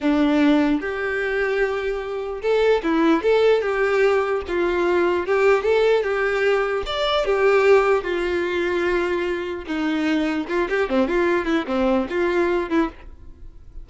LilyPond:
\new Staff \with { instrumentName = "violin" } { \time 4/4 \tempo 4 = 149 d'2 g'2~ | g'2 a'4 e'4 | a'4 g'2 f'4~ | f'4 g'4 a'4 g'4~ |
g'4 d''4 g'2 | f'1 | dis'2 f'8 g'8 c'8 f'8~ | f'8 e'8 c'4 f'4. e'8 | }